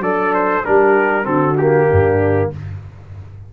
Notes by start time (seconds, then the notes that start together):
0.00 F#3 D4 A4 D5
0.34 C5
0.64 G3 D4 G4 A#4
1.23 D3 C4 F#4 A4
1.58 A#3 G4
1.88 G2 D4